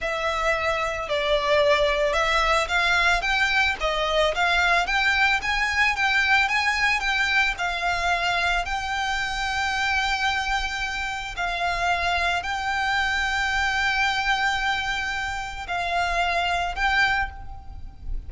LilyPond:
\new Staff \with { instrumentName = "violin" } { \time 4/4 \tempo 4 = 111 e''2 d''2 | e''4 f''4 g''4 dis''4 | f''4 g''4 gis''4 g''4 | gis''4 g''4 f''2 |
g''1~ | g''4 f''2 g''4~ | g''1~ | g''4 f''2 g''4 | }